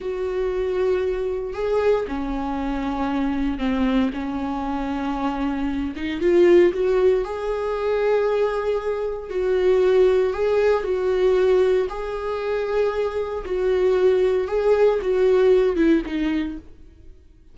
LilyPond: \new Staff \with { instrumentName = "viola" } { \time 4/4 \tempo 4 = 116 fis'2. gis'4 | cis'2. c'4 | cis'2.~ cis'8 dis'8 | f'4 fis'4 gis'2~ |
gis'2 fis'2 | gis'4 fis'2 gis'4~ | gis'2 fis'2 | gis'4 fis'4. e'8 dis'4 | }